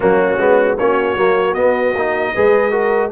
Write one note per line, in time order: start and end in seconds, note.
0.00 0.37 F#3
0.00 0.38 A#3
0.00 0.77 C#4
0.00 0.78 F#4
0.37 0.76 G#3
0.37 0.77 B3
0.78 1.16 A#3
0.78 1.17 C#4
0.78 2.34 F#4
0.78 1.53 C#5
1.16 1.55 F#3
1.16 1.55 A#3
1.53 1.94 B3
1.53 3.09 D#5
1.94 2.33 A#3
1.94 2.35 D#4
2.34 3.11 G#3
2.34 2.71 G#4
2.34 2.71 B4
2.71 3.10 F#4
2.71 3.10 A#4